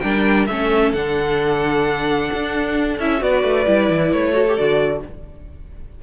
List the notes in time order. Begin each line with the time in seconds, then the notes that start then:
0.00 G3 D4 A#4 G5
0.47 A3 C#4 A4 E5
0.93 D3 D4 F#5
2.33 D4
2.99 C#4 E4 E5
3.18 B3 F#4 B4 D5
3.44 A3
3.67 G3 E4
3.90 E3
4.13 A3 C#5
4.32 F#4 A4
4.49 G4
4.57 D3 F#4 D5